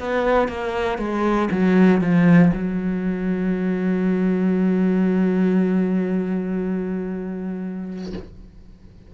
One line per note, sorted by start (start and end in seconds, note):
0.00 0.49 B3
0.49 0.99 A#3
0.99 1.50 G#3
1.52 2.02 F#3
2.02 2.52 F3
2.54 8.14 F#3